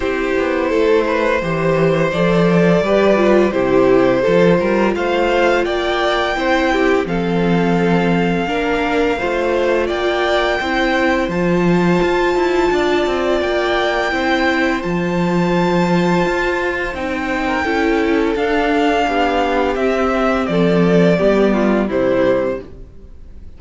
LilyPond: <<
  \new Staff \with { instrumentName = "violin" } { \time 4/4 \tempo 4 = 85 c''2. d''4~ | d''4 c''2 f''4 | g''2 f''2~ | f''2 g''2 |
a''2. g''4~ | g''4 a''2. | g''2 f''2 | e''4 d''2 c''4 | }
  \new Staff \with { instrumentName = "violin" } { \time 4/4 g'4 a'8 b'8 c''2 | b'4 g'4 a'8 ais'8 c''4 | d''4 c''8 g'8 a'2 | ais'4 c''4 d''4 c''4~ |
c''2 d''2 | c''1~ | c''8. ais'16 a'2 g'4~ | g'4 a'4 g'8 f'8 e'4 | }
  \new Staff \with { instrumentName = "viola" } { \time 4/4 e'2 g'4 a'4 | g'8 f'8 e'4 f'2~ | f'4 e'4 c'2 | d'4 f'2 e'4 |
f'1 | e'4 f'2. | dis'4 e'4 d'2 | c'2 b4 g4 | }
  \new Staff \with { instrumentName = "cello" } { \time 4/4 c'8 b8 a4 e4 f4 | g4 c4 f8 g8 a4 | ais4 c'4 f2 | ais4 a4 ais4 c'4 |
f4 f'8 e'8 d'8 c'8 ais4 | c'4 f2 f'4 | c'4 cis'4 d'4 b4 | c'4 f4 g4 c4 | }
>>